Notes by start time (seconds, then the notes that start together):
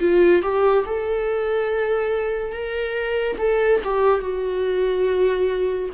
0.00 F4
0.43 G4
0.86 A4
2.52 A#4
3.38 A4
3.85 G4
4.21 F#4